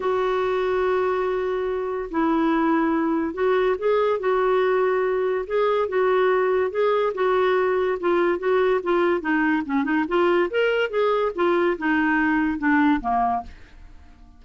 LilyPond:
\new Staff \with { instrumentName = "clarinet" } { \time 4/4 \tempo 4 = 143 fis'1~ | fis'4 e'2. | fis'4 gis'4 fis'2~ | fis'4 gis'4 fis'2 |
gis'4 fis'2 f'4 | fis'4 f'4 dis'4 cis'8 dis'8 | f'4 ais'4 gis'4 f'4 | dis'2 d'4 ais4 | }